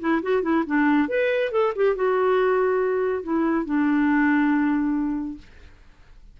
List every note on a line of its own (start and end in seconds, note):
0.00 0.22 E4
0.22 0.42 F#4
0.42 0.64 E4
0.66 1.09 D4
1.09 1.51 B4
1.51 1.73 A4
1.75 1.95 G4
1.95 3.23 F#4
3.23 3.65 E4
3.65 5.38 D4